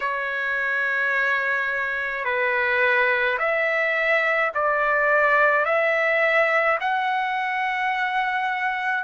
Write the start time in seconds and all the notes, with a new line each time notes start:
0.00 C#5
2.24 B4
3.39 E5
4.54 D5
5.65 E5
6.80 F#5